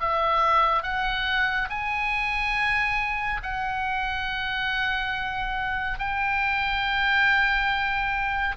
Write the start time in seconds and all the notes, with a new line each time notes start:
0.00 E5
0.83 F#5
1.69 G#5
3.43 F#5
5.99 G5